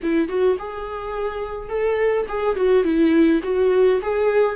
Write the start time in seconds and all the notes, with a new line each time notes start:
0.02 E4
0.28 F#4
0.59 G#4
1.69 A4
2.28 G#4
2.56 F#4
2.83 E4
3.43 F#4
4.02 G#4